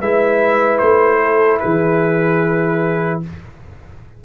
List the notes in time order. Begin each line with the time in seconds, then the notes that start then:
0.00 G#3 E4 B4 E5
0.78 A3 C5
1.21 A4
1.60 E3 G#4 B4